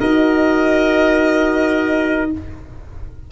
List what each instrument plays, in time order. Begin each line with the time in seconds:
0.00 tuba D#4, horn F#4, trumpet A#4, violin D#5